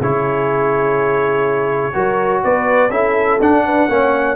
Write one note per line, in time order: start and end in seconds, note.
0.00 1.94 C#3
0.00 1.93 E4
0.00 1.94 G#4
0.00 2.43 C#5
1.93 2.43 F#3
1.93 2.90 F#4
1.93 2.42 A#4
2.43 2.89 B3
2.43 2.92 B4
2.43 2.90 D5
2.89 3.38 C#4
2.89 3.39 E4
2.89 3.64 A4
2.89 3.39 E5
3.40 3.88 D4
3.40 3.89 D4
3.40 4.35 F#5
3.65 3.87 B4
3.87 4.35 A#3
3.87 4.35 C#4
3.87 4.35 C#5